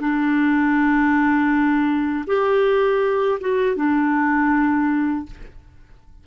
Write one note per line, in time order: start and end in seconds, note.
0.00 2.25 D4
2.27 3.40 G4
3.41 3.76 F#4
3.76 5.26 D4